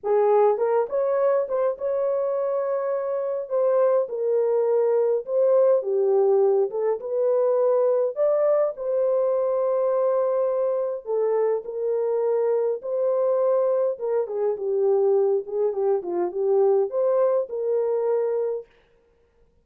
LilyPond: \new Staff \with { instrumentName = "horn" } { \time 4/4 \tempo 4 = 103 gis'4 ais'8 cis''4 c''8 cis''4~ | cis''2 c''4 ais'4~ | ais'4 c''4 g'4. a'8 | b'2 d''4 c''4~ |
c''2. a'4 | ais'2 c''2 | ais'8 gis'8 g'4. gis'8 g'8 f'8 | g'4 c''4 ais'2 | }